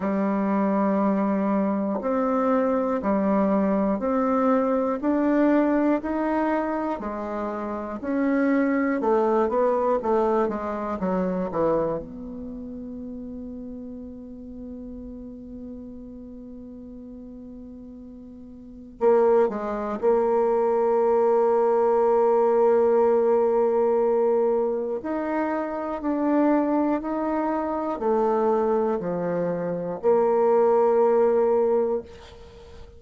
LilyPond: \new Staff \with { instrumentName = "bassoon" } { \time 4/4 \tempo 4 = 60 g2 c'4 g4 | c'4 d'4 dis'4 gis4 | cis'4 a8 b8 a8 gis8 fis8 e8 | b1~ |
b2. ais8 gis8 | ais1~ | ais4 dis'4 d'4 dis'4 | a4 f4 ais2 | }